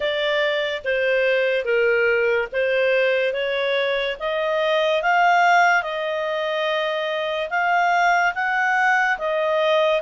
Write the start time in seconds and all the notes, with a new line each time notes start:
0.00 D5
0.84 C5
1.64 A#4
2.52 C5
3.33 C#5
4.19 D#5
5.02 F5
5.82 D#5
7.50 F5
8.34 F#5
9.18 D#5